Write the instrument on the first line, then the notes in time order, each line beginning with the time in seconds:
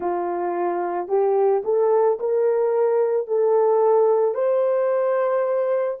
horn
0.00 F4
1.08 G4
1.64 A4
2.19 A#4
3.27 A4
4.34 C5